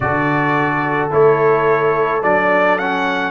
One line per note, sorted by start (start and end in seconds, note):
0.00 1.10 D3
0.00 1.10 F#4
0.00 3.31 A4
0.00 1.09 D5
1.10 2.23 A3
1.10 2.22 E4
1.10 2.22 C#5
2.22 3.31 F#3
2.22 2.79 D4
2.22 2.78 D5
2.78 3.31 C#4
2.78 3.31 F#5